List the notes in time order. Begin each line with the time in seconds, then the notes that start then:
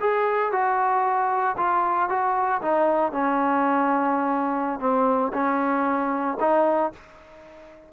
0.00 G#4
0.52 F#4
1.57 F4
2.09 F#4
2.62 D#4
3.12 C#4
4.80 C4
5.33 C#4
6.40 D#4